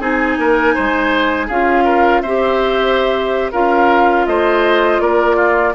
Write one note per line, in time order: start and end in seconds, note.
0.00 0.37 C4
0.00 1.48 D#4
0.00 0.37 G#4
0.00 1.48 G#5
0.38 0.75 A#3
0.38 0.74 A#4
0.74 1.48 G#3
0.74 1.47 C5
1.47 2.22 C#4
1.47 2.25 F4
1.47 1.84 G#4
1.47 2.21 F5
1.84 2.21 A#4
2.21 3.52 C4
2.21 3.52 G4
2.21 3.51 C5
2.21 3.51 E5
3.51 4.27 C#4
3.51 5.75 F4
3.51 4.25 A#4
3.51 4.26 F5
4.26 5.00 A3
4.26 5.02 C5
4.26 5.00 D#5
5.00 5.74 A#3
5.00 5.36 A#4
5.00 5.74 D5
5.36 5.73 F4